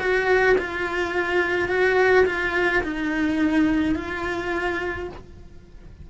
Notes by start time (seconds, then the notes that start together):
0.00 F#4
0.59 F4
1.69 F#4
2.26 F4
2.84 D#4
3.96 F4